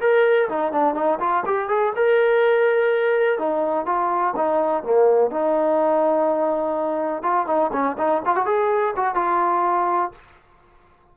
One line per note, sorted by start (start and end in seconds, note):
0.00 0.48 A#4
0.49 0.72 D#4
0.72 0.95 D4
0.95 1.19 D#4
1.20 1.44 F4
1.46 1.68 G4
1.68 1.93 G#4
1.96 3.38 A#4
3.38 3.86 D#4
3.86 4.34 F4
4.36 4.83 D#4
4.83 5.30 A#3
5.30 7.22 D#4
7.22 7.46 F4
7.47 7.71 D#4
7.72 7.97 C#4
7.98 8.22 D#4
8.25 8.36 F4
8.36 8.45 F#4
8.45 8.94 G#4
8.96 9.15 F#4
9.15 10.12 F4